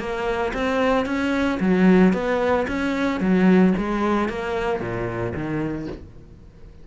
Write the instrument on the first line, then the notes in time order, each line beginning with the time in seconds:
cello
0.00 A#3
0.54 C4
1.06 C#4
1.61 F#3
2.14 B3
2.68 C#4
3.21 F#3
3.78 G#3
4.29 A#3
4.81 A#2
5.35 D#3